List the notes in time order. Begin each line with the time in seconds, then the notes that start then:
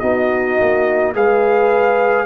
0.00 B3 D#4 F#4 D#5
0.60 A#3
1.15 G#3 G#4 B4 F5